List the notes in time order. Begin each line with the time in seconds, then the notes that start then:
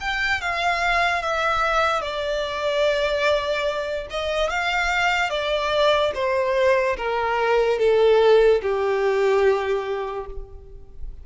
0.00 G5
0.41 F5
1.22 E5
2.01 D5
4.10 D#5
4.49 F5
5.29 D5
6.14 C5
6.97 A#4
7.79 A4
8.62 G4